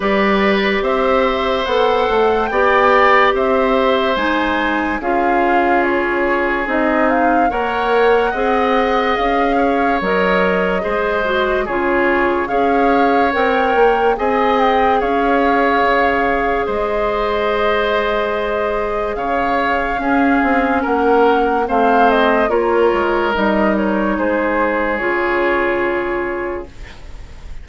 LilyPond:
<<
  \new Staff \with { instrumentName = "flute" } { \time 4/4 \tempo 4 = 72 d''4 e''4 fis''4 g''4 | e''4 gis''4 f''4 cis''4 | dis''8 f''8 fis''2 f''4 | dis''2 cis''4 f''4 |
g''4 gis''8 g''8 f''2 | dis''2. f''4~ | f''4 fis''4 f''8 dis''8 cis''4 | dis''8 cis''8 c''4 cis''2 | }
  \new Staff \with { instrumentName = "oboe" } { \time 4/4 b'4 c''2 d''4 | c''2 gis'2~ | gis'4 cis''4 dis''4. cis''8~ | cis''4 c''4 gis'4 cis''4~ |
cis''4 dis''4 cis''2 | c''2. cis''4 | gis'4 ais'4 c''4 ais'4~ | ais'4 gis'2. | }
  \new Staff \with { instrumentName = "clarinet" } { \time 4/4 g'2 a'4 g'4~ | g'4 dis'4 f'2 | dis'4 ais'4 gis'2 | ais'4 gis'8 fis'8 f'4 gis'4 |
ais'4 gis'2.~ | gis'1 | cis'2 c'4 f'4 | dis'2 f'2 | }
  \new Staff \with { instrumentName = "bassoon" } { \time 4/4 g4 c'4 b8 a8 b4 | c'4 gis4 cis'2 | c'4 ais4 c'4 cis'4 | fis4 gis4 cis4 cis'4 |
c'8 ais8 c'4 cis'4 cis4 | gis2. cis4 | cis'8 c'8 ais4 a4 ais8 gis8 | g4 gis4 cis2 | }
>>